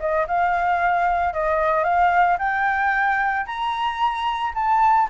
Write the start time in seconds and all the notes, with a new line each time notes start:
0.00 D#5
0.28 F5
1.33 D#5
1.84 F5
2.39 G5
3.46 A#5
4.55 A5